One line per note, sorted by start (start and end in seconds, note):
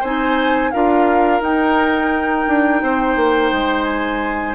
0.00 0.73 C4
0.00 0.73 D#4
0.00 0.70 C5
0.00 0.71 G#5
0.71 1.40 D4
0.71 1.42 F4
0.71 2.82 A#4
0.71 1.41 F5
1.40 2.45 D#4
1.40 4.55 D#4
1.40 3.84 G5
2.48 2.82 D4
2.82 3.16 C4
2.82 4.55 C5
3.16 3.51 A#3
3.52 4.55 G#3
3.84 4.54 G#5